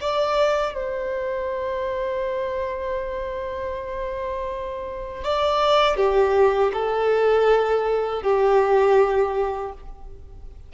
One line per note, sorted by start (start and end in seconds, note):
0.00 0.73 D5
0.73 5.23 C5
5.23 5.96 D5
5.96 6.71 G4
6.73 8.22 A4
8.22 9.72 G4